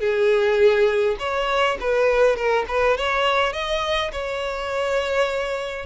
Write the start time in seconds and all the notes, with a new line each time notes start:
0.00 G#4
1.19 C#5
1.81 B4
2.36 A#4
2.68 B4
2.97 C#5
3.53 D#5
4.12 C#5